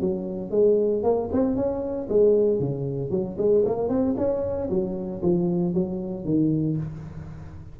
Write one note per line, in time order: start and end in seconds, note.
0.00 0.51 F#3
0.51 1.03 G#3
1.03 1.29 A#3
1.32 1.56 C4
1.56 2.08 C#4
2.09 2.59 G#3
2.59 3.10 C#3
3.10 3.37 F#3
3.38 3.64 G#3
3.65 3.88 A#3
3.88 4.15 C4
4.17 4.69 C#4
4.69 5.22 F#3
5.22 5.74 F3
5.74 6.25 F#3
6.25 6.77 D#3